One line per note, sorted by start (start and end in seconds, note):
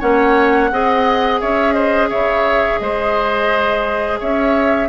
0.00 0.71 A#3
0.00 0.70 C#4
0.00 0.70 C#5
0.00 1.41 F#5
0.71 1.41 C4
0.71 4.89 G#4
0.71 1.41 D#5
1.41 2.12 C#4
1.41 1.74 C#5
1.41 1.73 E5
1.73 2.09 C5
1.73 2.08 D#5
2.10 2.81 C#3
2.10 2.80 C#5
2.10 2.79 E5
2.79 4.20 G#3
2.79 4.20 C5
2.79 4.19 D#5
4.20 4.89 C#4
4.20 4.89 C#5
4.20 4.89 E5